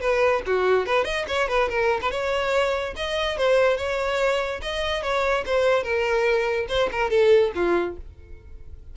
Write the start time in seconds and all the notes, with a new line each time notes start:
0.00 B4
0.46 F#4
0.86 B4
1.04 D#5
1.27 C#5
1.48 B4
1.68 A#4
2.01 B4
2.10 C#5
2.96 D#5
3.37 C5
3.77 C#5
4.61 D#5
5.02 C#5
5.45 C5
5.83 A#4
6.68 C5
6.91 A#4
7.10 A4
7.54 F4